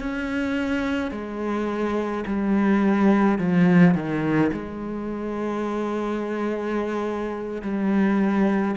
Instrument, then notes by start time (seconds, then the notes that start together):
cello
0.00 C#4
1.11 G#3
2.27 G3
3.39 F3
3.95 D#3
4.52 G#3
7.62 G3